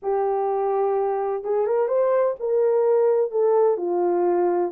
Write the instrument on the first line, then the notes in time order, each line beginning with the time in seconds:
horn
0.02 G4
1.44 G#4
1.66 A#4
1.88 C5
2.39 A#4
3.31 A4
3.77 F4